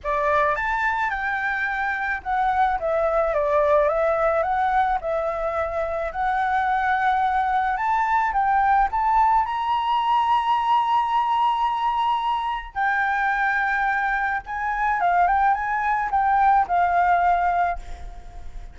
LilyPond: \new Staff \with { instrumentName = "flute" } { \time 4/4 \tempo 4 = 108 d''4 a''4 g''2 | fis''4 e''4 d''4 e''4 | fis''4 e''2 fis''4~ | fis''2 a''4 g''4 |
a''4 ais''2.~ | ais''2. g''4~ | g''2 gis''4 f''8 g''8 | gis''4 g''4 f''2 | }